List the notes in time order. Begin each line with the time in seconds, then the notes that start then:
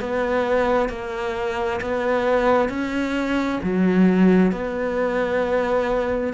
0.00 B3
0.89 A#3
1.81 B3
2.69 C#4
3.63 F#3
4.52 B3